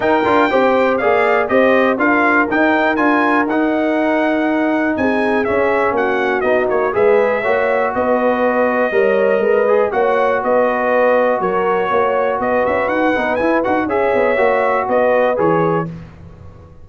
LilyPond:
<<
  \new Staff \with { instrumentName = "trumpet" } { \time 4/4 \tempo 4 = 121 g''2 f''4 dis''4 | f''4 g''4 gis''4 fis''4~ | fis''2 gis''4 e''4 | fis''4 dis''8 cis''8 e''2 |
dis''1 | fis''4 dis''2 cis''4~ | cis''4 dis''8 e''8 fis''4 gis''8 fis''8 | e''2 dis''4 cis''4 | }
  \new Staff \with { instrumentName = "horn" } { \time 4/4 ais'4 c''4 d''4 c''4 | ais'1~ | ais'2 gis'2 | fis'2 b'4 cis''4 |
b'2 cis''4 b'4 | cis''4 b'2 ais'4 | cis''4 b'2. | cis''2 b'2 | }
  \new Staff \with { instrumentName = "trombone" } { \time 4/4 dis'8 f'8 g'4 gis'4 g'4 | f'4 dis'4 f'4 dis'4~ | dis'2. cis'4~ | cis'4 dis'4 gis'4 fis'4~ |
fis'2 ais'4. gis'8 | fis'1~ | fis'2~ fis'8 dis'8 e'8 fis'8 | gis'4 fis'2 gis'4 | }
  \new Staff \with { instrumentName = "tuba" } { \time 4/4 dis'8 d'8 c'4 ais4 c'4 | d'4 dis'4 d'4 dis'4~ | dis'2 c'4 cis'4 | ais4 b8 ais8 gis4 ais4 |
b2 g4 gis4 | ais4 b2 fis4 | ais4 b8 cis'8 dis'8 b8 e'8 dis'8 | cis'8 b8 ais4 b4 e4 | }
>>